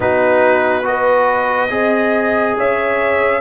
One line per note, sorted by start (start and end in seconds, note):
0.00 1.70 B3
0.00 0.83 D#4
0.00 0.86 F#4
0.00 0.86 B4
0.83 1.69 F#4
0.83 1.71 B4
0.83 2.57 D#5
1.69 2.56 C4
1.69 3.41 G#4
1.69 2.56 D#5
2.57 3.41 C#4
2.57 3.41 C#5
2.57 3.41 E5